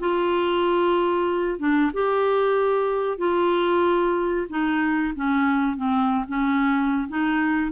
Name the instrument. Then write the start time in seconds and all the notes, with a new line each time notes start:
clarinet
0.00 F4
1.59 D4
1.93 G4
3.18 F4
4.50 D#4
5.16 C#4
5.77 C4
6.28 C#4
7.09 D#4